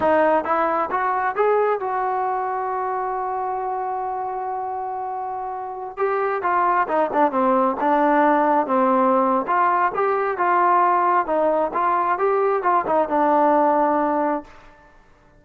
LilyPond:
\new Staff \with { instrumentName = "trombone" } { \time 4/4 \tempo 4 = 133 dis'4 e'4 fis'4 gis'4 | fis'1~ | fis'1~ | fis'4~ fis'16 g'4 f'4 dis'8 d'16~ |
d'16 c'4 d'2 c'8.~ | c'4 f'4 g'4 f'4~ | f'4 dis'4 f'4 g'4 | f'8 dis'8 d'2. | }